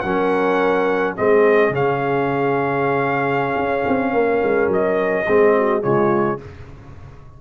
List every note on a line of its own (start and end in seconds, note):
0.00 1.17 F#3
0.00 1.17 C#4
0.00 1.16 A#4
0.00 1.13 F#5
1.16 1.70 G#3
1.16 1.73 C4
1.16 4.13 G#4
1.16 1.74 D#5
1.70 3.54 C#3
1.70 5.26 C#4
1.70 4.72 F5
3.56 3.84 C#4
3.88 4.13 C4
4.13 4.41 A#3
4.13 5.26 A#4
4.43 4.68 G#3
4.68 5.24 F#3
4.68 5.83 D#5
5.26 5.84 G#3
5.26 5.81 C4
5.26 5.54 G#4
5.57 5.83 F#4
5.81 6.41 C#3
5.81 6.38 G#3
5.81 6.40 F4
5.81 6.39 C#5